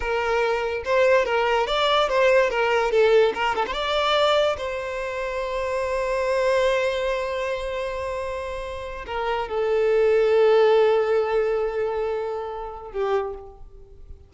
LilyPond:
\new Staff \with { instrumentName = "violin" } { \time 4/4 \tempo 4 = 144 ais'2 c''4 ais'4 | d''4 c''4 ais'4 a'4 | ais'8 a'16 c''16 d''2 c''4~ | c''1~ |
c''1~ | c''4.~ c''16 ais'4 a'4~ a'16~ | a'1~ | a'2. g'4 | }